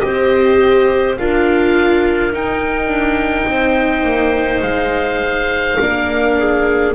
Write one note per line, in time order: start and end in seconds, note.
0.00 1.19 C4
0.00 1.16 G4
0.00 1.19 C5
0.00 1.15 D#5
1.18 2.33 D4
1.18 2.33 F4
1.18 3.49 A#4
1.18 2.33 F5
2.33 2.87 D#4
2.33 5.79 D#4
2.33 4.62 G5
2.87 3.44 D4
3.48 4.04 C4
3.48 5.80 C5
4.04 4.61 A#3
4.62 5.77 G#3
4.62 6.93 F5
5.81 6.95 A#3
5.81 6.95 D4
5.81 6.39 A#4
6.39 6.95 G#4